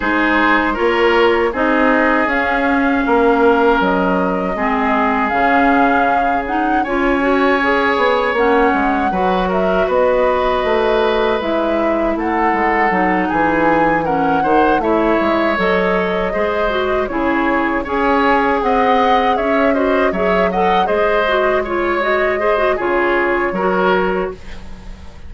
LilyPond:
<<
  \new Staff \with { instrumentName = "flute" } { \time 4/4 \tempo 4 = 79 c''4 cis''4 dis''4 f''4~ | f''4 dis''2 f''4~ | f''8 fis''8 gis''2 fis''4~ | fis''8 e''8 dis''2 e''4 |
fis''4. gis''4 fis''4 e''8~ | e''8 dis''2 cis''4 gis''8~ | gis''8 fis''4 e''8 dis''8 e''8 fis''8 dis''8~ | dis''8 cis''8 dis''4 cis''2 | }
  \new Staff \with { instrumentName = "oboe" } { \time 4/4 gis'4 ais'4 gis'2 | ais'2 gis'2~ | gis'4 cis''2. | b'8 ais'8 b'2. |
a'4. gis'4 ais'8 c''8 cis''8~ | cis''4. c''4 gis'4 cis''8~ | cis''8 dis''4 cis''8 c''8 cis''8 dis''8 c''8~ | c''8 cis''4 c''8 gis'4 ais'4 | }
  \new Staff \with { instrumentName = "clarinet" } { \time 4/4 dis'4 f'4 dis'4 cis'4~ | cis'2 c'4 cis'4~ | cis'8 dis'8 f'8 fis'8 gis'4 cis'4 | fis'2. e'4~ |
e'4 dis'4. cis'8 dis'8 e'8~ | e'8 a'4 gis'8 fis'8 e'4 gis'8~ | gis'2 fis'8 gis'8 a'8 gis'8 | fis'8 f'8 fis'8 gis'16 fis'16 f'4 fis'4 | }
  \new Staff \with { instrumentName = "bassoon" } { \time 4/4 gis4 ais4 c'4 cis'4 | ais4 fis4 gis4 cis4~ | cis4 cis'4. b8 ais8 gis8 | fis4 b4 a4 gis4 |
a8 gis8 fis8 e4. dis8 a8 | gis8 fis4 gis4 cis4 cis'8~ | cis'8 c'4 cis'4 fis4 gis8~ | gis2 cis4 fis4 | }
>>